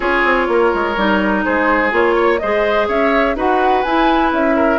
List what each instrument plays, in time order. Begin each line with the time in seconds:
0.00 bassoon C#4, clarinet F4, oboe G#4, flute C#5
0.24 bassoon C4
0.47 bassoon A#3, oboe A#4
0.74 bassoon G#3
0.96 bassoon G3, clarinet D#4
1.44 bassoon G#3, oboe G#4, flute C5
1.90 bassoon A#3, clarinet F4, flute C#5
2.15 oboe C#5
2.39 bassoon G#3, clarinet G#4, oboe C5, flute D#5
2.88 bassoon C#4, oboe C#5, flute E5
3.35 bassoon D#4, clarinet F#4, oboe B4, flute F#5
3.83 bassoon E4, clarinet E4, flute G#5
4.32 bassoon C#4, flute E5
4.55 oboe A#4